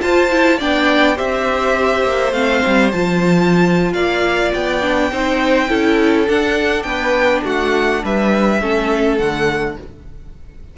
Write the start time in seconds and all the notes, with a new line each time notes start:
0.00 F4 C5 A5
0.30 E4
0.57 B3 D4 D5 G5
1.15 C4 G4 C5 E5
2.03 A#3
2.32 A3 C4 F5
2.66 G3
2.92 F3 F4 A5
3.93 A#3 D5 F5
4.54 B3 G5
4.82 D4
5.11 C4 D#4 C5
5.68 C#4 E4 A4
6.26 D4 F#5
6.83 B3 B4 G5
7.44 A3 F#4 F#5
8.04 G3 B4 E5
8.61 A3 C#4 A4
9.18 D3 A3 F#5